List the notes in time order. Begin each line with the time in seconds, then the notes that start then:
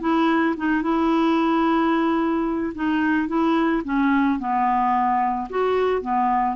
0.00 E4
0.56 D#4
0.82 E4
2.74 D#4
3.27 E4
3.84 C#4
4.39 B3
5.49 F#4
6.01 B3